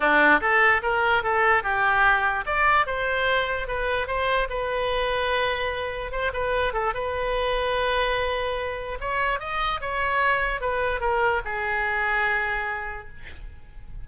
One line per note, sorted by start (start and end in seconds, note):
0.00 0.40 D4
0.40 0.81 A4
0.82 1.23 A#4
1.23 1.63 A4
1.63 2.44 G4
2.46 2.86 D5
2.86 3.67 C5
3.67 4.07 B4
4.07 4.47 C5
4.49 6.11 B4
6.11 6.32 C5
6.33 6.73 B4
6.73 6.93 A4
6.94 8.98 B4
9.00 9.39 C#5
9.39 9.80 D#5
9.81 10.60 C#5
10.60 11.00 B4
11.00 11.41 A#4
11.44 13.08 G#4